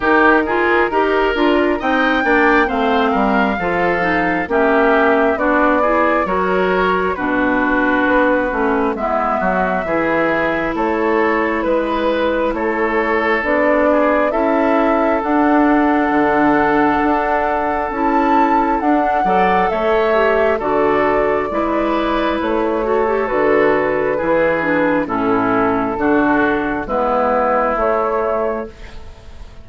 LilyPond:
<<
  \new Staff \with { instrumentName = "flute" } { \time 4/4 \tempo 4 = 67 ais'2 g''4 f''4~ | f''4 e''4 d''4 cis''4 | b'2 e''2 | cis''4 b'4 cis''4 d''4 |
e''4 fis''2. | a''4 fis''4 e''4 d''4~ | d''4 cis''4 b'2 | a'2 b'4 cis''4 | }
  \new Staff \with { instrumentName = "oboe" } { \time 4/4 g'8 gis'8 ais'4 dis''8 d''8 c''8 ais'8 | a'4 g'4 fis'8 gis'8 ais'4 | fis'2 e'8 fis'8 gis'4 | a'4 b'4 a'4. gis'8 |
a'1~ | a'4. d''8 cis''4 a'4 | b'4. a'4. gis'4 | e'4 fis'4 e'2 | }
  \new Staff \with { instrumentName = "clarinet" } { \time 4/4 dis'8 f'8 g'8 f'8 dis'8 d'8 c'4 | f'8 dis'8 cis'4 d'8 e'8 fis'4 | d'4. cis'8 b4 e'4~ | e'2. d'4 |
e'4 d'2. | e'4 d'8 a'4 g'8 fis'4 | e'4. fis'16 g'16 fis'4 e'8 d'8 | cis'4 d'4 b4 a4 | }
  \new Staff \with { instrumentName = "bassoon" } { \time 4/4 dis4 dis'8 d'8 c'8 ais8 a8 g8 | f4 ais4 b4 fis4 | b,4 b8 a8 gis8 fis8 e4 | a4 gis4 a4 b4 |
cis'4 d'4 d4 d'4 | cis'4 d'8 fis8 a4 d4 | gis4 a4 d4 e4 | a,4 d4 gis4 a4 | }
>>